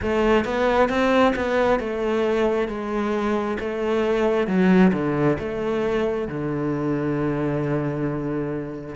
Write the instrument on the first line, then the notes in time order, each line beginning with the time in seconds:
cello
0.02 A3
0.44 B3
0.89 C4
1.35 B3
1.79 A3
2.67 G#3
3.59 A3
4.47 F#3
4.93 D3
5.38 A3
6.27 D3